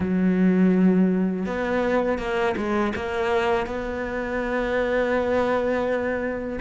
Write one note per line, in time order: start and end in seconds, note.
0.00 1.45 F#3
1.45 2.18 B3
2.18 2.55 A#3
2.56 2.93 G#3
2.95 3.66 A#3
3.66 6.59 B3